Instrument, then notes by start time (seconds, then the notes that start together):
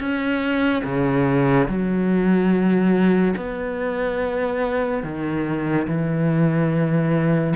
cello
0.00 C#4
0.85 C#3
1.69 F#3
3.37 B3
5.04 D#3
5.88 E3